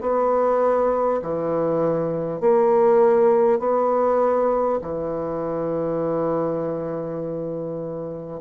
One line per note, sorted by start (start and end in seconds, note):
0.00 1.20 B3
1.22 2.40 E3
2.40 3.59 A#3
3.59 4.79 B3
4.81 8.41 E3